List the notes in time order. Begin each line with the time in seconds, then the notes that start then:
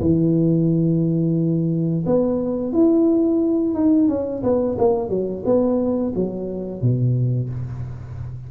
0.00 E3
2.06 B3
2.73 E4
3.74 D#4
4.08 C#4
4.43 B3
4.78 A#3
5.09 F#3
5.45 B3
6.15 F#3
6.81 B2